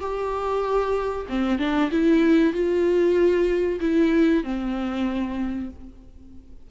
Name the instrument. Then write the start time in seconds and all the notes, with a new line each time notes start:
viola
0.00 G4
1.29 C4
1.59 D4
1.91 E4
2.53 F4
3.80 E4
4.43 C4